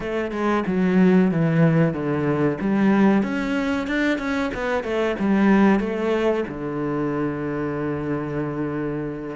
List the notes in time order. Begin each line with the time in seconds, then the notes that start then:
0.00 A3
0.31 G#3
0.66 F#3
1.31 E3
1.93 D3
2.60 G3
3.23 C#4
3.87 D4
4.18 C#4
4.54 B3
4.83 A3
5.19 G3
5.79 A3
6.48 D3